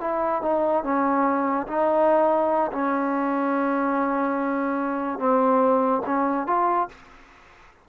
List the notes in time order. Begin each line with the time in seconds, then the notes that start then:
0.00 E4
0.42 D#4
0.83 C#4
1.67 D#4
2.72 C#4
5.18 C4
6.05 C#4
6.47 F4